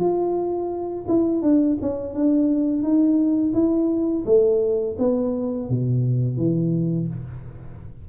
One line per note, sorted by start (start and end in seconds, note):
0.00 1.06 F4
1.08 1.42 E4
1.42 1.77 D4
1.82 2.14 C#4
2.14 2.83 D4
2.83 3.54 D#4
3.54 4.24 E4
4.26 4.97 A3
4.99 5.70 B3
5.70 6.37 B2
6.37 7.08 E3